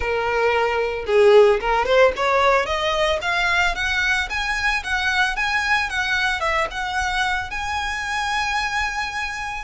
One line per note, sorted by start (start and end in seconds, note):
0.00 1.05 A#4
1.06 1.60 G#4
1.60 1.85 A#4
1.85 2.12 C5
2.16 2.65 C#5
2.65 3.19 D#5
3.21 3.75 F5
3.75 4.28 F#5
4.29 4.83 G#5
4.83 5.36 F#5
5.36 5.89 G#5
5.89 6.40 F#5
6.40 6.67 E5
6.71 7.50 F#5
7.50 9.64 G#5